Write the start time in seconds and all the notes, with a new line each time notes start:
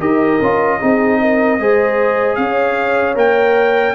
0.00 D#4 G4 A#4 D#5
0.42 C#4 F4
0.80 C4 D#4 G#4
1.21 A#4
1.60 G#3 G#4 C5
2.36 C#4 C#5 F5
3.16 A#3 A#4 G5